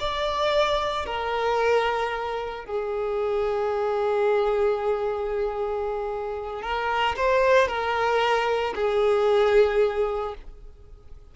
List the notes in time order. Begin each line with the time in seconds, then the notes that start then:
0.00 D5
1.06 A#4
2.65 G#4
6.63 A#4
7.17 C5
7.68 A#4
8.75 G#4